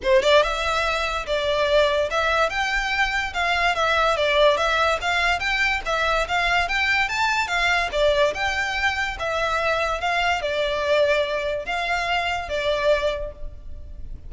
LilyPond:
\new Staff \with { instrumentName = "violin" } { \time 4/4 \tempo 4 = 144 c''8 d''8 e''2 d''4~ | d''4 e''4 g''2 | f''4 e''4 d''4 e''4 | f''4 g''4 e''4 f''4 |
g''4 a''4 f''4 d''4 | g''2 e''2 | f''4 d''2. | f''2 d''2 | }